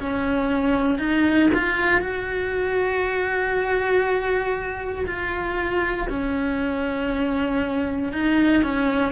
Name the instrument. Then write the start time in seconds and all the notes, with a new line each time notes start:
cello
0.00 C#4
0.98 D#4
1.53 F4
2.01 F#4
5.06 F4
6.09 C#4
8.13 D#4
8.63 C#4